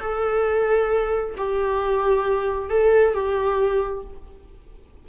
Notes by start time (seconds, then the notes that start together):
0.00 A4
1.37 G4
2.70 A4
3.14 G4